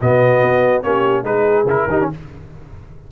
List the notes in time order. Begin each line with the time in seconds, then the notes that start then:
0.00 B2 B3 F#4 D#5
0.42 B3
0.83 A#3 C#4 G4 C#5
1.23 G#3 D#4 G#4 B4
1.65 C#3 E4 A#4
1.87 D#3 D#4 G4
2.01 C#4